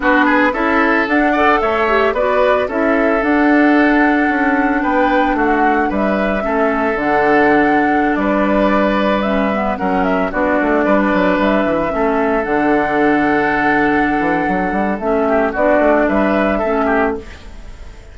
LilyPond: <<
  \new Staff \with { instrumentName = "flute" } { \time 4/4 \tempo 4 = 112 b'4 e''4 fis''4 e''4 | d''4 e''4 fis''2~ | fis''4 g''4 fis''4 e''4~ | e''4 fis''2~ fis''16 d''8.~ |
d''4~ d''16 e''4 fis''8 e''8 d''8.~ | d''4~ d''16 e''2 fis''8.~ | fis''1 | e''4 d''4 e''2 | }
  \new Staff \with { instrumentName = "oboe" } { \time 4/4 fis'8 gis'8 a'4. d''8 cis''4 | b'4 a'2.~ | a'4 b'4 fis'4 b'4 | a'2.~ a'16 b'8.~ |
b'2~ b'16 ais'4 fis'8.~ | fis'16 b'2 a'4.~ a'16~ | a'1~ | a'8 g'8 fis'4 b'4 a'8 g'8 | }
  \new Staff \with { instrumentName = "clarinet" } { \time 4/4 d'4 e'4 d'8 a'4 g'8 | fis'4 e'4 d'2~ | d'1 | cis'4 d'2.~ |
d'4~ d'16 cis'8 b8 cis'4 d'8.~ | d'2~ d'16 cis'4 d'8.~ | d'1 | cis'4 d'2 cis'4 | }
  \new Staff \with { instrumentName = "bassoon" } { \time 4/4 b4 cis'4 d'4 a4 | b4 cis'4 d'2 | cis'4 b4 a4 g4 | a4 d2~ d16 g8.~ |
g2~ g16 fis4 b8 a16~ | a16 g8 fis8 g8 e8 a4 d8.~ | d2~ d8 e8 fis8 g8 | a4 b8 a8 g4 a4 | }
>>